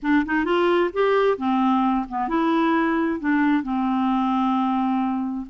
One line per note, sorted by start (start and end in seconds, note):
0.02 0.25 D4
0.25 0.44 D#4
0.44 0.90 F4
0.93 1.37 G4
1.37 2.06 C4
2.08 2.28 B3
2.28 3.19 E4
3.20 3.63 D4
3.63 5.46 C4